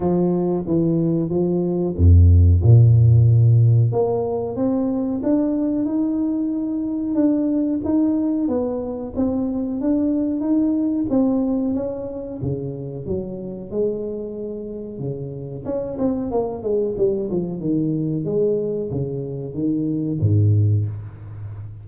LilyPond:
\new Staff \with { instrumentName = "tuba" } { \time 4/4 \tempo 4 = 92 f4 e4 f4 f,4 | ais,2 ais4 c'4 | d'4 dis'2 d'4 | dis'4 b4 c'4 d'4 |
dis'4 c'4 cis'4 cis4 | fis4 gis2 cis4 | cis'8 c'8 ais8 gis8 g8 f8 dis4 | gis4 cis4 dis4 gis,4 | }